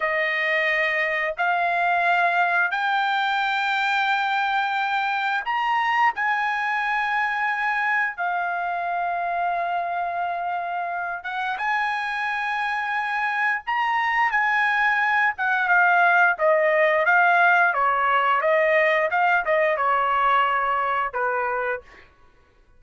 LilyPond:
\new Staff \with { instrumentName = "trumpet" } { \time 4/4 \tempo 4 = 88 dis''2 f''2 | g''1 | ais''4 gis''2. | f''1~ |
f''8 fis''8 gis''2. | ais''4 gis''4. fis''8 f''4 | dis''4 f''4 cis''4 dis''4 | f''8 dis''8 cis''2 b'4 | }